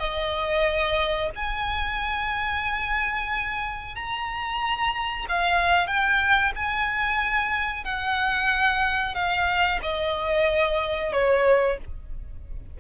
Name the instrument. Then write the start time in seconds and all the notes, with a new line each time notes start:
violin
0.00 D#5
1.36 G#5
3.96 A#5
5.29 F5
5.87 G5
6.56 G#5
7.85 F#5
9.15 F5
9.83 D#5
11.13 C#5